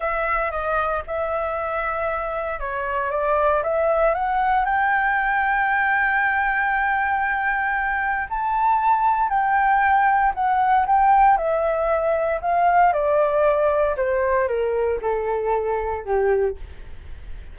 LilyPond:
\new Staff \with { instrumentName = "flute" } { \time 4/4 \tempo 4 = 116 e''4 dis''4 e''2~ | e''4 cis''4 d''4 e''4 | fis''4 g''2.~ | g''1 |
a''2 g''2 | fis''4 g''4 e''2 | f''4 d''2 c''4 | ais'4 a'2 g'4 | }